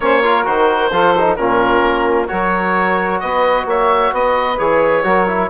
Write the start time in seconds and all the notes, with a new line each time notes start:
0.00 A#3 C#4 C5 C#5
0.22 F4 A#4
0.45 D#3 F#4 C5
0.91 F3 F4 A4
1.19 D#4
1.35 A#2 C#4 F4 A#4
1.82 A#3
2.27 F#3 F#4 A#4 C#5
3.19 B3 B4 D#5
3.65 A#3 C#5 E5
4.12 B3 B4 D#5
4.57 E3 G#4 C#5
5.03 F#3 F#4 A#4
5.27 E4